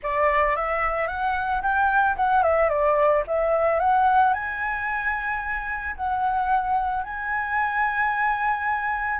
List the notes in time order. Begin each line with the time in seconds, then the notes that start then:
0.02 D5
0.56 E5
1.07 F#5
1.62 G5
2.16 F#5
2.43 E5
2.69 D5
3.27 E5
3.79 F#5
4.33 G#5
5.96 F#5
7.03 G#5